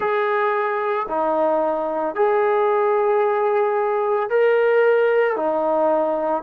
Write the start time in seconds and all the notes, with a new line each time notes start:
0.00 G#4
1.08 D#4
2.15 G#4
4.29 A#4
5.36 D#4